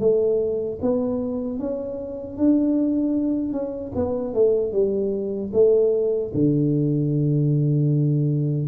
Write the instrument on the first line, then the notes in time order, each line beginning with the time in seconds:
tuba
0.00 A3
0.82 B3
1.59 C#4
2.38 D4
3.53 C#4
3.96 B3
4.34 A3
4.73 G3
5.53 A3
6.34 D3